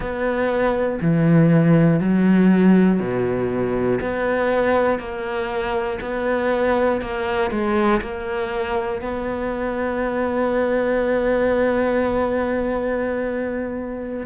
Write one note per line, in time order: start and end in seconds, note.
0.00 0.99 B3
1.01 2.00 E3
2.00 3.00 F#3
3.00 4.00 B2
4.00 4.99 B3
4.99 5.99 A#3
6.00 7.00 B3
7.00 7.50 A#3
7.50 8.00 G#3
8.00 9.00 A#3
9.00 14.25 B3